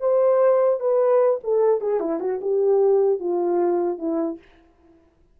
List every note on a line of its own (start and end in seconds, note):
0.00 0.80 C5
0.80 1.40 B4
1.44 1.81 A4
1.81 2.00 G#4
2.00 2.20 E4
2.20 2.40 F#4
2.41 3.19 G4
3.19 3.99 F4
3.99 4.39 E4